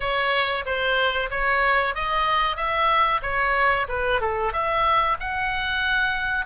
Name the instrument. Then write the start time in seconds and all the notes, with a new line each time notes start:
oboe
0.00 C#5
0.65 C5
1.30 C#5
1.94 D#5
2.56 E5
3.22 C#5
3.88 B4
4.21 A4
4.52 E5
5.20 F#5